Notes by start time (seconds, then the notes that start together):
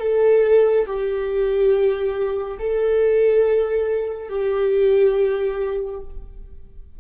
0.00 A4
0.86 G4
2.59 A4
4.29 G4